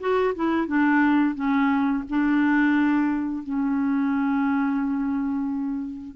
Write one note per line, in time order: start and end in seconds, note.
0.00 0.34 F#4
0.35 0.67 E4
0.67 1.35 D4
1.35 2.04 C#4
2.09 3.44 D4
3.44 6.17 C#4